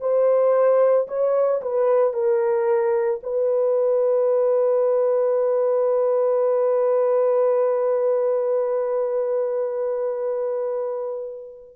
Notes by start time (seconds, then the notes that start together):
0.00 C5
1.08 C#5
1.62 B4
2.13 A#4
3.23 B4